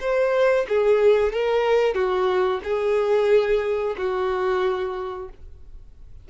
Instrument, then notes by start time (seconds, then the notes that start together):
violin
0.00 C5
0.68 G#4
1.32 A#4
1.94 F#4
2.63 G#4
3.97 F#4